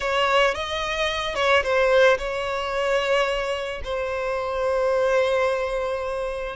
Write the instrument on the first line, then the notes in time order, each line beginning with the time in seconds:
violin
0.00 C#5
0.54 D#5
1.35 C#5
1.63 C5
2.17 C#5
3.83 C5